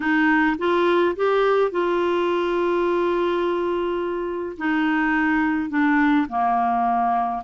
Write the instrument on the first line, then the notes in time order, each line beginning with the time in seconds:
clarinet
0.00 D#4
0.58 F4
1.16 G4
1.71 F4
4.57 D#4
5.69 D4
6.28 A#3